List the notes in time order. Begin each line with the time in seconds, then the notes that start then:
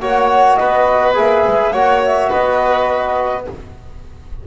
0.00 A#3 F#4 C#5 F#5
0.55 B3 B4 D#5
1.14 A#3 G#4 E5
1.47 G#3
1.72 A#3 F#4 C#5 F#5
2.05 E5
2.29 B3 B4 D#5